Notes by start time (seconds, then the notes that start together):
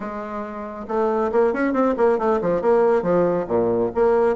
0.00 G#3
0.87 A3
1.32 A#3
1.53 C#4
1.73 C4
1.97 A#3
2.18 A3
2.41 F3
2.61 A#3
3.02 F3
3.47 A#2
3.94 A#3